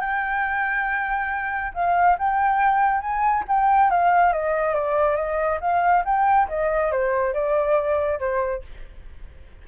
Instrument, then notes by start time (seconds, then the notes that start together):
flute
0.00 G5
1.74 F5
2.18 G5
3.00 G#5
3.47 G5
3.90 F5
4.32 D#5
4.74 D5
5.16 D#5
5.60 F5
6.05 G5
6.48 D#5
6.91 C5
7.33 D5
8.19 C5